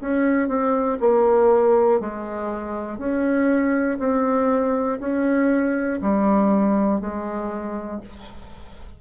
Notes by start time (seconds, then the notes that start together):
0.00 C#4
0.48 C4
1.00 A#3
2.00 G#3
2.98 C#4
3.99 C4
5.00 C#4
6.01 G3
7.00 G#3